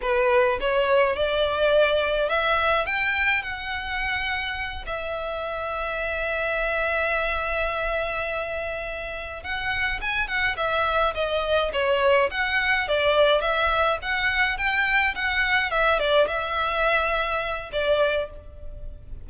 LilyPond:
\new Staff \with { instrumentName = "violin" } { \time 4/4 \tempo 4 = 105 b'4 cis''4 d''2 | e''4 g''4 fis''2~ | fis''8 e''2.~ e''8~ | e''1~ |
e''8 fis''4 gis''8 fis''8 e''4 dis''8~ | dis''8 cis''4 fis''4 d''4 e''8~ | e''8 fis''4 g''4 fis''4 e''8 | d''8 e''2~ e''8 d''4 | }